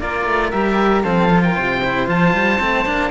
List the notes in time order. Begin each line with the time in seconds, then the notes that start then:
0.00 A#3 F4 A#4 D5
0.26 A3
0.51 G3 G4 E5
1.03 F3 C4 A4 F5
1.30 F4
1.43 A#4 G5
1.55 C3 C5
1.84 E4
2.07 F3 F4 A5
2.34 G3
2.59 A3 C4
2.86 A#3 D4